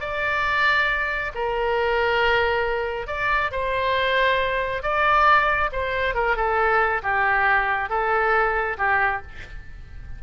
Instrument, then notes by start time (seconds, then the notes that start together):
oboe
0.00 D5
1.34 A#4
3.07 D5
3.51 C5
4.82 D5
5.72 C5
6.14 A#4
6.36 A4
7.02 G4
7.89 A4
8.78 G4